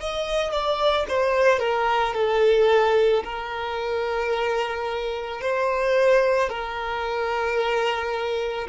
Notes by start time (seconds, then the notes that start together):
0.00 D#5
0.52 D5
1.09 C5
1.59 A#4
2.14 A4
3.24 A#4
5.41 C5
6.49 A#4